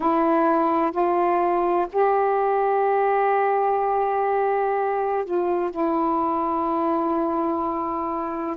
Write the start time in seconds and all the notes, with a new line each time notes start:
0.00 E4
0.91 F4
1.92 G4
5.24 F4
5.70 E4